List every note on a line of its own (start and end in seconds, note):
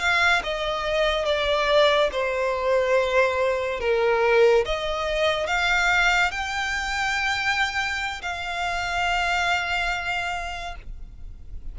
0.00 0.42 F5
0.44 1.26 D#5
1.26 2.10 D5
2.13 3.81 C5
3.81 4.65 A#4
4.66 5.47 D#5
5.47 6.31 F5
6.32 8.22 G5
8.22 10.76 F5